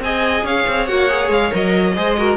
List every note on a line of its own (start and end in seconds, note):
0.00 0.43 C4
0.00 0.88 G#4
0.00 0.45 D#5
0.00 0.46 G#5
0.44 0.65 C#4
0.44 1.95 C#5
0.44 0.87 F5
0.68 0.89 C4
0.87 1.30 A#3
0.87 1.09 F#4
0.87 1.30 F#5
1.09 1.51 G#4
1.30 1.51 G#3
1.30 1.54 F5
1.51 1.97 F#3
1.51 1.94 A#4
1.51 2.37 D#5
1.96 2.37 G#3
1.96 2.17 G#4
1.96 2.17 C5
2.18 2.37 F#4
2.18 2.37 A#4